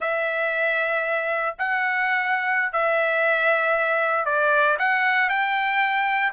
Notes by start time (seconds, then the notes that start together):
0.00 E5
1.58 F#5
2.72 E5
4.25 D5
4.78 F#5
5.29 G5